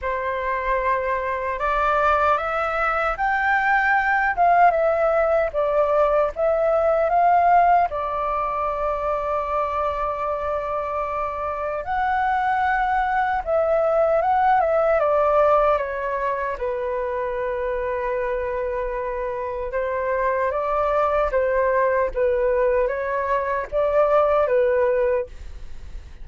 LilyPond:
\new Staff \with { instrumentName = "flute" } { \time 4/4 \tempo 4 = 76 c''2 d''4 e''4 | g''4. f''8 e''4 d''4 | e''4 f''4 d''2~ | d''2. fis''4~ |
fis''4 e''4 fis''8 e''8 d''4 | cis''4 b'2.~ | b'4 c''4 d''4 c''4 | b'4 cis''4 d''4 b'4 | }